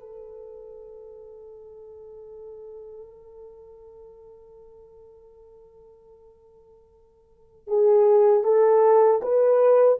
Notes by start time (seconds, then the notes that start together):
0.00 A4
7.68 G#4
8.44 A4
9.22 B4